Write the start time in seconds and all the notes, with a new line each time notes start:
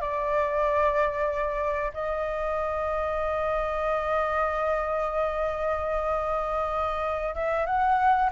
0.00 D5
1.93 D#5
7.34 E5
7.66 F#5